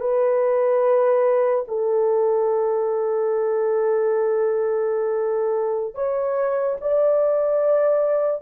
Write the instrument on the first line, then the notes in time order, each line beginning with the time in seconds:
horn
0.00 B4
1.67 A4
5.94 C#5
6.81 D5